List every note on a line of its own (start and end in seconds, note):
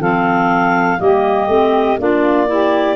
0.00 0.99 F3
0.00 1.00 C4
0.00 0.98 A4
0.00 1.01 F5
1.00 1.48 G3
1.00 1.49 A#3
1.00 1.99 G4
1.00 1.99 D#5
1.48 1.97 A3
1.48 1.99 C4
1.99 2.97 A#3
1.99 2.48 D4
1.99 2.48 F4
1.99 2.97 D5
2.48 2.97 E4
2.48 2.97 G4